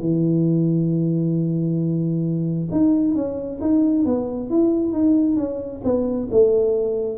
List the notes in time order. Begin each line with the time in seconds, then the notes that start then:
0.00 E3
2.72 D#4
3.15 C#4
3.61 D#4
4.05 B3
4.50 E4
4.92 D#4
5.36 C#4
5.84 B3
6.31 A3